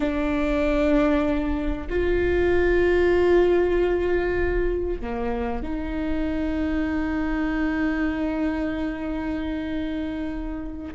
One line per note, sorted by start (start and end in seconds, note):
0.00 1.87 D4
1.89 5.00 F4
5.00 5.62 A#3
5.62 10.93 D#4